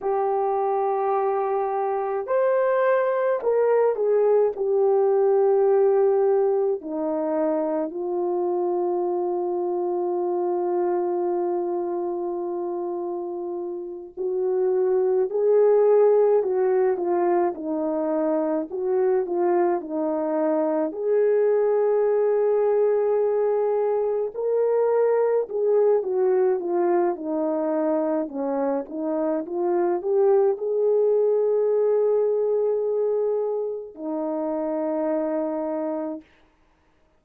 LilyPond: \new Staff \with { instrumentName = "horn" } { \time 4/4 \tempo 4 = 53 g'2 c''4 ais'8 gis'8 | g'2 dis'4 f'4~ | f'1~ | f'8 fis'4 gis'4 fis'8 f'8 dis'8~ |
dis'8 fis'8 f'8 dis'4 gis'4.~ | gis'4. ais'4 gis'8 fis'8 f'8 | dis'4 cis'8 dis'8 f'8 g'8 gis'4~ | gis'2 dis'2 | }